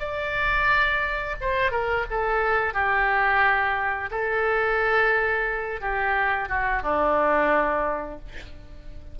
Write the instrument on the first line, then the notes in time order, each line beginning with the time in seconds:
oboe
0.00 D5
1.41 C5
1.71 A#4
2.11 A4
2.74 G4
4.11 A4
5.81 G4
6.49 F#4
6.82 D4